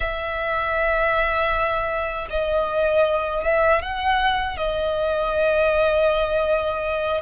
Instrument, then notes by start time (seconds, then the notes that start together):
violin
0.00 E5
2.30 D#5
3.44 E5
3.82 F#5
4.57 D#5